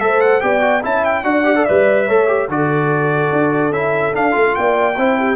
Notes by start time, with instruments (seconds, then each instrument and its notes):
0.00 tuba A3, trombone A4, horn C5, trumpet E5
0.21 trumpet F#5
0.41 tuba B3, trombone G4, horn D5, trumpet G5
0.61 trombone F#4
0.82 tuba C#4, trombone E4, horn E5, trumpet A5
1.05 trumpet G5
1.24 tuba D4, trombone F#4, horn D5, trumpet F#5
1.45 trombone G4
1.56 trombone A4
1.65 tuba G3, trombone B4, trumpet E5
2.06 tuba A3, trombone A4, horn C#5
2.28 trombone G4
2.49 tuba D3, trombone F#4, horn A4, trumpet D5
3.32 tuba D4
3.71 tuba C#4, trombone E4, trumpet E5
4.13 trombone D4, tuba D4, trumpet F5
4.32 tuba A3, trombone F4
4.55 tuba A#3, horn D5, trumpet G5
4.97 tuba C4, trombone E4, horn C5
5.19 horn G4